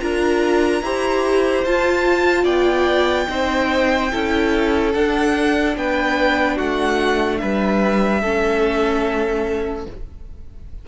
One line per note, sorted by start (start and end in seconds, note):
0.00 0.82 D4
0.00 0.82 F4
0.00 0.82 A#4
0.00 1.64 A#5
0.82 1.64 E4
0.82 1.66 G4
0.82 2.43 C5
1.64 2.44 F4
1.64 3.28 F4
1.64 2.45 A5
2.43 3.27 B3
2.43 3.25 D5
2.43 4.92 G5
3.28 4.11 C4
3.28 4.10 D#4
3.28 4.12 C5
4.12 4.95 C#4
4.12 4.94 E4
4.12 5.76 A4
4.94 8.23 D4
4.94 5.76 D4
4.94 5.76 F#5
5.76 6.58 B3
5.76 6.56 B4
5.76 6.58 G5
6.56 7.42 A3
6.56 7.38 F#4
6.56 7.38 F#5
7.38 8.22 G3
7.38 8.21 B4
7.38 9.84 E5
8.21 9.86 A3
8.21 9.88 C#4
8.21 9.85 A4